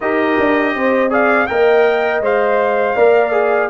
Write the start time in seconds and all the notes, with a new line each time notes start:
0.00 D#4 G4 A#4 D#5
0.39 D4
0.74 C4 C5
1.10 G#4 D5 F5
1.46 A#3 A#4 D#5 G5
2.20 G#3 C5 F5
2.95 A#3 A#4 D5
3.32 G#4